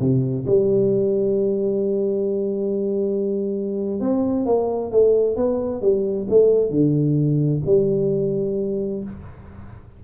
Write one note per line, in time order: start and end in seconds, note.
0.00 0.46 C3
0.47 4.01 G3
4.01 4.46 C4
4.46 4.92 A#3
4.92 5.37 A3
5.37 5.82 B3
5.82 6.28 G3
6.30 6.71 A3
6.71 7.62 D3
7.66 9.04 G3